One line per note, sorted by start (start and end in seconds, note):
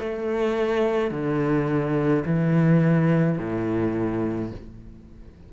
0.00 1.11 A3
1.11 2.24 D3
2.25 3.39 E3
3.39 4.52 A2